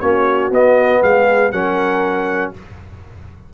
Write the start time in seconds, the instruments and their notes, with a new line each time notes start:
0.00 tuba A#3, trombone C#4, horn F#4, trumpet C#5
0.50 tuba B3, trombone B3, trumpet D#5
1.03 tuba G#3, horn G#4, trumpet F5
1.52 tuba F#3, trombone C#4, horn A#4, trumpet F#5